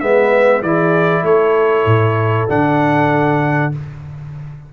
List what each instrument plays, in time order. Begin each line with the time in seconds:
0.00 tuba G#3, trombone B3, horn B4, trumpet E5
0.62 tuba E3, trombone E4, horn G#4, trumpet D5
1.22 tuba A3, horn A4, trumpet C#5
1.85 tuba A2
2.48 tuba D3, trombone D4, trumpet F#5